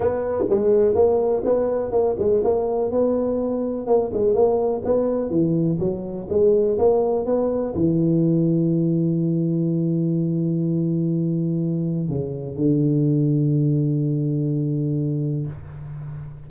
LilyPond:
\new Staff \with { instrumentName = "tuba" } { \time 4/4 \tempo 4 = 124 b4 gis4 ais4 b4 | ais8 gis8 ais4 b2 | ais8 gis8 ais4 b4 e4 | fis4 gis4 ais4 b4 |
e1~ | e1~ | e4 cis4 d2~ | d1 | }